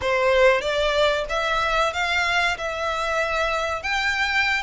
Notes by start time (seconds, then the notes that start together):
0.01 C5
0.61 D5
1.29 E5
1.93 F5
2.57 E5
3.82 G5